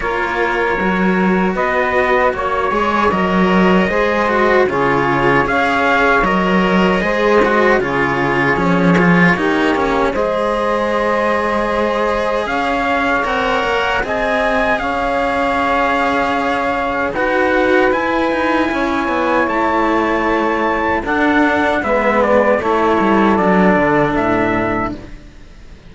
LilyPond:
<<
  \new Staff \with { instrumentName = "trumpet" } { \time 4/4 \tempo 4 = 77 cis''2 dis''4 cis''4 | dis''2 cis''4 f''4 | dis''2 cis''2~ | cis''4 dis''2. |
f''4 fis''4 gis''4 f''4~ | f''2 fis''4 gis''4~ | gis''4 a''2 fis''4 | e''8 d''8 cis''4 d''4 e''4 | }
  \new Staff \with { instrumentName = "saxophone" } { \time 4/4 ais'2 b'4 cis''4~ | cis''4 c''4 gis'4 cis''4~ | cis''4 c''4 gis'2 | g'4 c''2. |
cis''2 dis''4 cis''4~ | cis''2 b'2 | cis''2. a'4 | b'4 a'2. | }
  \new Staff \with { instrumentName = "cello" } { \time 4/4 f'4 fis'2~ fis'8 gis'8 | ais'4 gis'8 fis'8 f'4 gis'4 | ais'4 gis'8 fis'8 f'4 cis'8 f'8 | dis'8 cis'8 gis'2.~ |
gis'4 ais'4 gis'2~ | gis'2 fis'4 e'4~ | e'2. d'4 | b4 e'4 d'2 | }
  \new Staff \with { instrumentName = "cello" } { \time 4/4 ais4 fis4 b4 ais8 gis8 | fis4 gis4 cis4 cis'4 | fis4 gis4 cis4 f4 | ais4 gis2. |
cis'4 c'8 ais8 c'4 cis'4~ | cis'2 dis'4 e'8 dis'8 | cis'8 b8 a2 d'4 | gis4 a8 g8 fis8 d8 a,4 | }
>>